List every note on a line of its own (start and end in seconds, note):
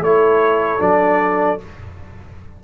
0.00 0.79 A3
0.00 0.79 E4
0.00 1.63 A4
0.00 0.81 C#5
0.79 1.59 F#3
0.79 1.58 D4
0.79 1.60 D5